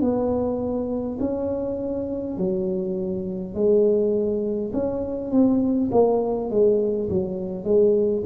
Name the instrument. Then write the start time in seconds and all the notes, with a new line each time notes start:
tuba
0.00 B3
1.19 C#4
2.37 F#3
3.54 G#3
4.73 C#4
5.31 C4
5.91 A#3
6.50 G#3
7.09 F#3
7.64 G#3